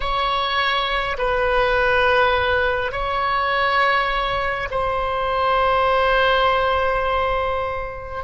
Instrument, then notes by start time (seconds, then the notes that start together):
oboe
0.00 C#5
1.18 B4
2.91 C#5
4.71 C5